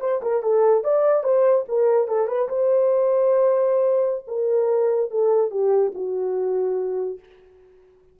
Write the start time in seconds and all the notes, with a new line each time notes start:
0.00 C5
0.22 A#4
0.42 A4
0.84 D5
1.23 C5
1.68 A#4
2.08 A4
2.27 B4
2.48 C5
4.27 A#4
5.10 A4
5.50 G4
5.94 F#4